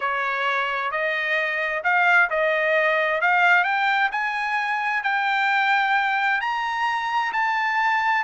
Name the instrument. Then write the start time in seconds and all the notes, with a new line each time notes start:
trumpet
0.00 C#5
0.91 D#5
1.83 F5
2.29 D#5
3.21 F5
3.64 G5
4.11 G#5
5.03 G5
6.40 A#5
7.32 A5